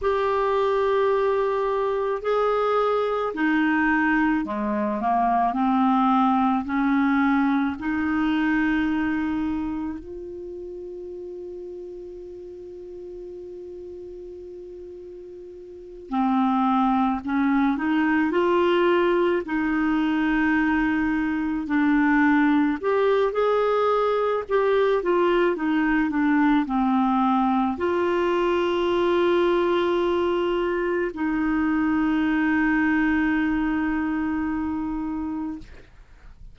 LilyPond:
\new Staff \with { instrumentName = "clarinet" } { \time 4/4 \tempo 4 = 54 g'2 gis'4 dis'4 | gis8 ais8 c'4 cis'4 dis'4~ | dis'4 f'2.~ | f'2~ f'8 c'4 cis'8 |
dis'8 f'4 dis'2 d'8~ | d'8 g'8 gis'4 g'8 f'8 dis'8 d'8 | c'4 f'2. | dis'1 | }